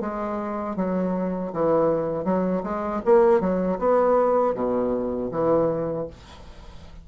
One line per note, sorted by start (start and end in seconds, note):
0.00 0.76 G#3
0.76 1.52 F#3
1.53 2.24 E3
2.24 2.62 F#3
2.63 3.01 G#3
3.05 3.40 A#3
3.40 3.78 F#3
3.78 4.54 B3
4.54 5.30 B2
5.31 6.07 E3